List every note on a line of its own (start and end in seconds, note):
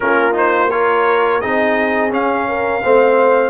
0.00 1.43 A#3
0.00 0.32 C#4
0.00 0.71 F4
0.00 0.35 A#4
0.32 0.67 D#4
0.32 0.70 C5
0.70 1.41 F4
0.70 1.41 A#4
0.70 1.40 C#5
1.40 2.12 C4
1.40 2.10 D#4
1.40 2.47 G#4
1.40 2.11 D#5
2.10 2.81 C#4
2.10 2.83 C#4
2.10 3.49 F5
2.47 2.82 A#4
2.82 3.49 A3
2.82 3.49 C4
2.82 3.49 C5